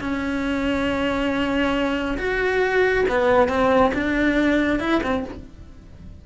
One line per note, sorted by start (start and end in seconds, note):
0.00 2.17 C#4
2.18 3.05 F#4
3.08 3.48 B3
3.48 3.92 C4
3.94 4.80 D4
4.80 5.01 E4
5.03 5.25 C4